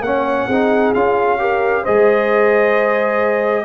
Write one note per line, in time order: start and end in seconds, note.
0.00 0.45 A#3
0.00 0.50 C#4
0.00 0.47 C#5
0.00 0.93 F#5
0.47 0.93 C4
0.47 0.95 D#4
0.47 1.37 G#4
0.94 1.86 C#4
0.94 1.38 F4
0.94 1.84 F5
1.38 1.84 G4
1.38 1.82 A#4
1.82 3.64 G#3
1.82 3.64 G#4
1.82 3.64 C5
1.82 3.64 D#5